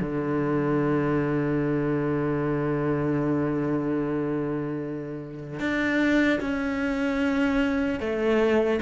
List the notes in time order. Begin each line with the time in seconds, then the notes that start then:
0.00 D3
5.59 D4
6.40 C#4
8.00 A3